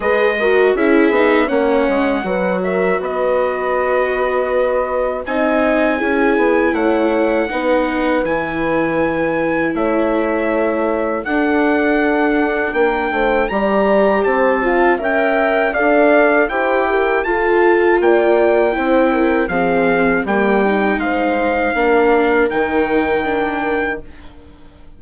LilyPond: <<
  \new Staff \with { instrumentName = "trumpet" } { \time 4/4 \tempo 4 = 80 dis''4 e''4 fis''4. e''8 | dis''2. gis''4~ | gis''4 fis''2 gis''4~ | gis''4 e''2 fis''4~ |
fis''4 g''4 ais''4 a''4 | g''4 f''4 g''4 a''4 | g''2 f''4 g''4 | f''2 g''2 | }
  \new Staff \with { instrumentName = "horn" } { \time 4/4 b'8 ais'8 gis'4 cis''4 b'8 ais'8 | b'2. dis''4 | gis'4 cis''4 b'2~ | b'4 cis''2 a'4~ |
a'4 ais'8 c''8 d''4 c''8 f''8 | e''4 d''4 c''8 ais'8 a'4 | d''4 c''8 ais'8 gis'4 g'4 | c''4 ais'2. | }
  \new Staff \with { instrumentName = "viola" } { \time 4/4 gis'8 fis'8 e'8 dis'8 cis'4 fis'4~ | fis'2. dis'4 | e'2 dis'4 e'4~ | e'2. d'4~ |
d'2 g'4. f'8 | ais'4 a'4 g'4 f'4~ | f'4 e'4 c'4 ais8 dis'8~ | dis'4 d'4 dis'4 d'4 | }
  \new Staff \with { instrumentName = "bassoon" } { \time 4/4 gis4 cis'8 b8 ais8 gis8 fis4 | b2. c'4 | cis'8 b8 a4 b4 e4~ | e4 a2 d'4~ |
d'4 ais8 a8 g4 c'4 | cis'4 d'4 e'4 f'4 | ais4 c'4 f4 g4 | gis4 ais4 dis2 | }
>>